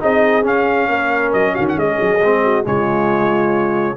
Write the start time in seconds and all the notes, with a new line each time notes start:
0.00 C4 D#4 G#4 D#5
0.43 C#4 F5
0.88 A#3 A#4
1.33 F#3 D#5
1.53 D#3 F#4 F5
1.68 F#5
1.76 G#3 G#4 D#5
2.01 F#3
2.21 G#3 C4
2.44 F#4
2.64 C#3 G#3 F4 C#5